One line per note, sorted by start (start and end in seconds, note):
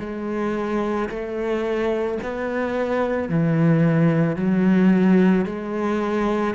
0.00 1.09 G#3
1.10 2.19 A3
2.23 3.29 B3
3.29 4.36 E3
4.36 5.45 F#3
5.46 6.55 G#3